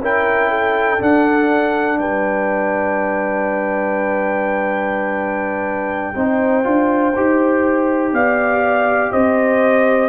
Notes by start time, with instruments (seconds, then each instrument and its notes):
0.00 tuba C#4, trombone E4, horn A#4, trumpet G5
0.50 horn A4
0.98 trombone D4, tuba D4, trumpet F#5
1.98 tuba G3, horn B4, trumpet G5
6.16 tuba C4, trombone D#4, horn C5
6.64 tuba D4, trombone F4
7.16 tuba D#4, trombone G4
8.13 tuba B3, horn D5, trumpet F5
9.12 tuba C4, horn C5, trumpet D#5